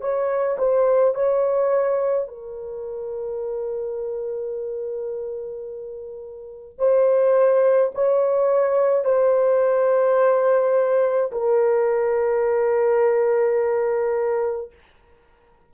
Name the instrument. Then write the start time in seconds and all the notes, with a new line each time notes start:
horn
0.00 C#5
0.58 C5
1.14 C#5
2.27 A#4
6.78 C5
7.95 C#5
9.04 C5
11.32 A#4